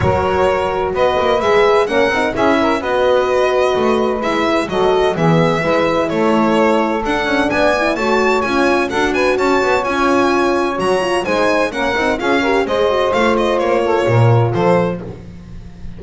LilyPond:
<<
  \new Staff \with { instrumentName = "violin" } { \time 4/4 \tempo 4 = 128 cis''2 dis''4 e''4 | fis''4 e''4 dis''2~ | dis''4 e''4 dis''4 e''4~ | e''4 cis''2 fis''4 |
gis''4 a''4 gis''4 fis''8 gis''8 | a''4 gis''2 ais''4 | gis''4 fis''4 f''4 dis''4 | f''8 dis''8 cis''2 c''4 | }
  \new Staff \with { instrumentName = "saxophone" } { \time 4/4 ais'2 b'2 | ais'4 gis'8 ais'8 b'2~ | b'2 a'4 gis'4 | b'4 a'2. |
d''4 cis''2 a'8 b'8 | cis''1 | c''4 ais'4 gis'8 ais'8 c''4~ | c''4. a'8 ais'4 a'4 | }
  \new Staff \with { instrumentName = "horn" } { \time 4/4 fis'2. gis'4 | cis'8 dis'8 e'4 fis'2~ | fis'4 e'4 fis'4 b4 | e'2. d'4~ |
d'8 e'8 fis'4 f'4 fis'4~ | fis'4 f'2 fis'8 f'8 | dis'4 cis'8 dis'8 f'8 g'8 gis'8 fis'8 | f'1 | }
  \new Staff \with { instrumentName = "double bass" } { \time 4/4 fis2 b8 ais8 gis4 | ais8 c'8 cis'4 b2 | a4 gis4 fis4 e4 | gis4 a2 d'8 cis'8 |
b4 a4 cis'4 d'4 | cis'8 b8 cis'2 fis4 | gis4 ais8 c'8 cis'4 gis4 | a4 ais4 ais,4 f4 | }
>>